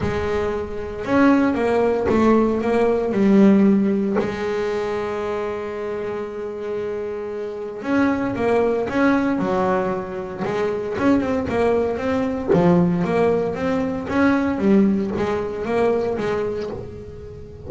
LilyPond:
\new Staff \with { instrumentName = "double bass" } { \time 4/4 \tempo 4 = 115 gis2 cis'4 ais4 | a4 ais4 g2 | gis1~ | gis2. cis'4 |
ais4 cis'4 fis2 | gis4 cis'8 c'8 ais4 c'4 | f4 ais4 c'4 cis'4 | g4 gis4 ais4 gis4 | }